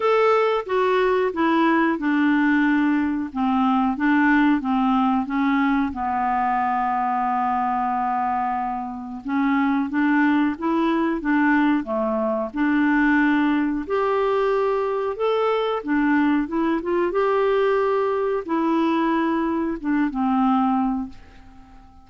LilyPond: \new Staff \with { instrumentName = "clarinet" } { \time 4/4 \tempo 4 = 91 a'4 fis'4 e'4 d'4~ | d'4 c'4 d'4 c'4 | cis'4 b2.~ | b2 cis'4 d'4 |
e'4 d'4 a4 d'4~ | d'4 g'2 a'4 | d'4 e'8 f'8 g'2 | e'2 d'8 c'4. | }